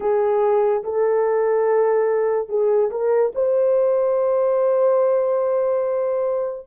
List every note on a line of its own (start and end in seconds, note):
0.00 0.83 G#4
0.83 2.48 A4
2.48 2.90 G#4
2.91 3.32 A#4
3.34 6.67 C5